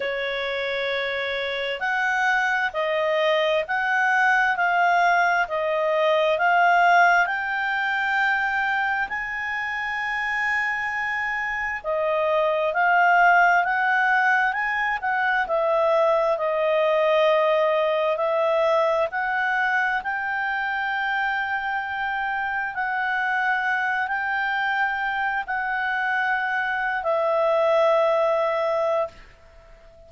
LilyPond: \new Staff \with { instrumentName = "clarinet" } { \time 4/4 \tempo 4 = 66 cis''2 fis''4 dis''4 | fis''4 f''4 dis''4 f''4 | g''2 gis''2~ | gis''4 dis''4 f''4 fis''4 |
gis''8 fis''8 e''4 dis''2 | e''4 fis''4 g''2~ | g''4 fis''4. g''4. | fis''4.~ fis''16 e''2~ e''16 | }